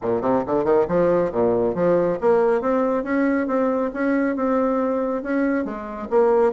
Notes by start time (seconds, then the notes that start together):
0.02 A#2
0.21 C3
0.46 D3
0.64 D#3
0.88 F3
1.32 A#2
1.74 F3
2.21 A#3
2.61 C4
3.03 C#4
3.47 C4
3.93 C#4
4.36 C4
5.22 C#4
5.64 G#3
6.09 A#3